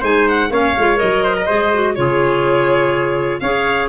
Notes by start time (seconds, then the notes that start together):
0.00 G#3 D#4 C5 G#5
0.28 F#5
0.50 A#3 C#4 C#5 F5
0.78 G#3 F4
0.96 A#4 D#5
1.03 F#3
1.23 C5
1.36 A#4
1.46 G#3 G#4 C5
1.73 F#4
1.95 C#3 F4 G#4 C#5
3.40 C#4 G#4 C#5 F5